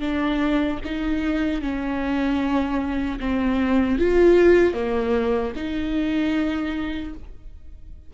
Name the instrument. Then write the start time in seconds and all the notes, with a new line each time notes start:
viola
0.00 D4
0.85 D#4
1.61 C#4
3.20 C4
3.99 F4
4.74 A#3
5.56 D#4